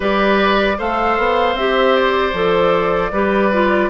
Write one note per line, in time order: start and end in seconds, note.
0.00 0.78 G3
0.00 0.76 G4
0.00 0.77 B4
0.00 0.79 D5
0.77 1.18 A3
0.77 1.56 A4
0.77 3.11 C5
0.77 1.57 F5
1.18 1.54 B3
1.54 2.32 C4
1.54 2.33 G4
1.54 1.96 E5
1.96 3.89 D5
2.33 3.11 F3
2.33 3.11 A4
3.11 3.89 G3
3.11 3.52 G4
3.11 3.89 B4
3.52 3.89 F4